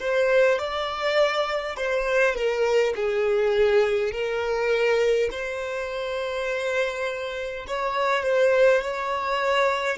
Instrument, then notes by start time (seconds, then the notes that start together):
violin
0.00 C5
0.59 D5
1.76 C5
2.35 A#4
2.95 G#4
4.12 A#4
5.31 C5
7.67 C#5
8.23 C5
8.82 C#5